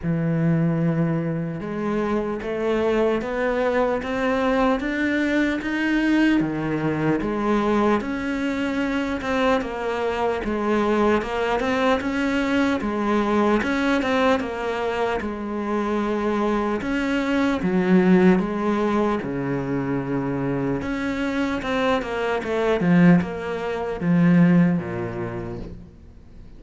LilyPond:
\new Staff \with { instrumentName = "cello" } { \time 4/4 \tempo 4 = 75 e2 gis4 a4 | b4 c'4 d'4 dis'4 | dis4 gis4 cis'4. c'8 | ais4 gis4 ais8 c'8 cis'4 |
gis4 cis'8 c'8 ais4 gis4~ | gis4 cis'4 fis4 gis4 | cis2 cis'4 c'8 ais8 | a8 f8 ais4 f4 ais,4 | }